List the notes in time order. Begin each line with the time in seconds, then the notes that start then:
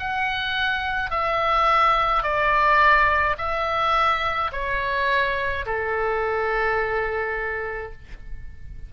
0.00 F#5
1.11 E5
2.23 D5
3.38 E5
4.53 C#5
5.67 A4